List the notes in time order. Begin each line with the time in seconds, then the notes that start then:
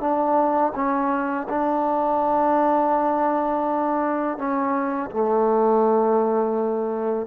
0.00 D4
0.75 C#4
1.49 D4
4.37 C#4
5.10 A3